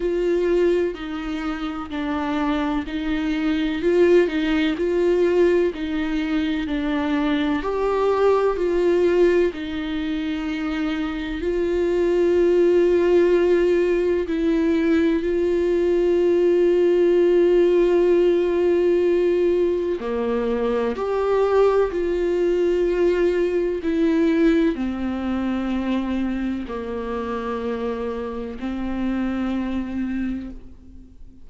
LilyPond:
\new Staff \with { instrumentName = "viola" } { \time 4/4 \tempo 4 = 63 f'4 dis'4 d'4 dis'4 | f'8 dis'8 f'4 dis'4 d'4 | g'4 f'4 dis'2 | f'2. e'4 |
f'1~ | f'4 ais4 g'4 f'4~ | f'4 e'4 c'2 | ais2 c'2 | }